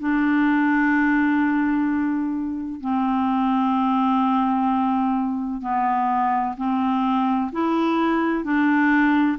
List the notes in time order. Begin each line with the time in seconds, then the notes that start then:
0.00 D4
2.81 C4
5.62 B3
6.58 C4
7.53 E4
8.45 D4